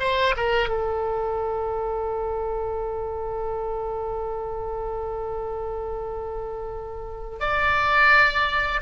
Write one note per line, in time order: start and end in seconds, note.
0.00 0.35 C5
0.37 0.69 A#4
0.69 7.40 A4
7.40 8.81 D5